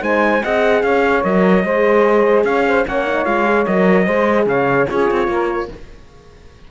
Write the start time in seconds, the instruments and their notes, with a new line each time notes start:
0.00 cello G#3, horn D#4, saxophone C5, trumpet G#5
0.42 cello C4, horn G#4, saxophone D#5, trumpet F#5
0.83 cello C#4, saxophone C#5, trumpet F5
1.23 cello F#3, horn A#4, trumpet D#5
1.64 cello G#3, horn G#4, saxophone C5
2.44 cello C#4, saxophone C#5, trumpet F5
2.67 saxophone C5
2.85 cello A#3, horn C#4, saxophone C#5, trumpet F#5
3.05 horn D#4
3.25 cello G#3, horn F4, trumpet F5
3.45 horn G#4
3.66 cello F#3, horn A#4, trumpet D#5
4.05 cello G#3, horn G#4, saxophone C5
4.46 cello C#3, saxophone C#5, trumpet F5
4.88 cello C#4, horn F4, saxophone G#4, trumpet C#5
5.11 cello C4
5.27 cello A#3, saxophone A#4